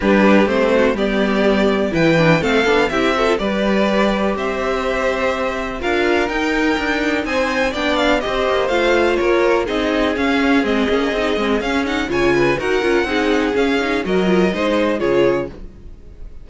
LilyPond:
<<
  \new Staff \with { instrumentName = "violin" } { \time 4/4 \tempo 4 = 124 b'4 c''4 d''2 | g''4 f''4 e''4 d''4~ | d''4 e''2. | f''4 g''2 gis''4 |
g''8 f''8 dis''4 f''4 cis''4 | dis''4 f''4 dis''2 | f''8 fis''8 gis''4 fis''2 | f''4 dis''2 cis''4 | }
  \new Staff \with { instrumentName = "violin" } { \time 4/4 g'4. fis'8 g'2 | b'4 a'4 g'8 a'8 b'4~ | b'4 c''2. | ais'2. c''4 |
d''4 c''2 ais'4 | gis'1~ | gis'4 cis''8 b'8 ais'4 gis'4~ | gis'4 ais'4 c''4 gis'4 | }
  \new Staff \with { instrumentName = "viola" } { \time 4/4 d'4 c'4 b2 | e'8 d'8 c'8 d'8 e'8 fis'16 f'16 g'4~ | g'1 | f'4 dis'2. |
d'4 g'4 f'2 | dis'4 cis'4 c'8 cis'8 dis'8 c'8 | cis'8 dis'8 f'4 fis'8 f'8 dis'4 | cis'8 dis'8 fis'8 f'8 dis'4 f'4 | }
  \new Staff \with { instrumentName = "cello" } { \time 4/4 g4 a4 g2 | e4 a8 b8 c'4 g4~ | g4 c'2. | d'4 dis'4 d'4 c'4 |
b4 c'8 ais8 a4 ais4 | c'4 cis'4 gis8 ais8 c'8 gis8 | cis'4 cis4 dis'8 cis'8 c'4 | cis'4 fis4 gis4 cis4 | }
>>